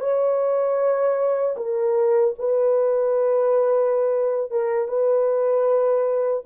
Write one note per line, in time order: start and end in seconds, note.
0.00 1.56 C#5
1.57 2.34 A#4
2.39 4.51 B4
4.51 4.88 A#4
4.88 6.44 B4